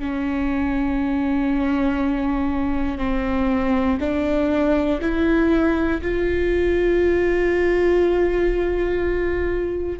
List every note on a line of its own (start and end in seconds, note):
0.00 2.99 C#4
2.99 3.99 C4
4.00 5.00 D4
5.02 6.02 E4
6.02 10.00 F4